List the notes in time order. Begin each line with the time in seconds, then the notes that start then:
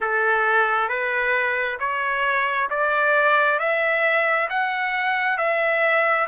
0.00 A4
0.88 B4
1.79 C#5
2.69 D5
3.59 E5
4.49 F#5
5.37 E5